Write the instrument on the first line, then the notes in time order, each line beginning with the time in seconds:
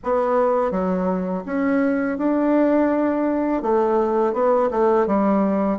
bassoon
0.03 B3
0.71 F#3
1.45 C#4
2.18 D4
3.62 A3
4.33 B3
4.70 A3
5.06 G3